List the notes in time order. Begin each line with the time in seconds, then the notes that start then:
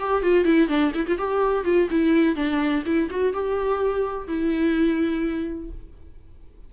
0.00 G4
0.23 F4
0.45 E4
0.69 D4
0.95 E4
1.08 F4
1.18 G4
1.65 F4
1.91 E4
2.36 D4
2.86 E4
3.11 F#4
3.34 G4
4.28 E4